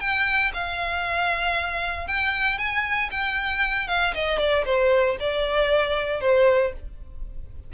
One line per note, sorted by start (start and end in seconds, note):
0.00 0.52 G5
0.54 2.07 F5
2.07 2.58 G5
2.58 3.10 G#5
3.11 3.88 G5
3.88 4.14 F5
4.14 4.38 D#5
4.38 4.64 D5
4.65 5.17 C5
5.20 6.21 D5
6.21 6.72 C5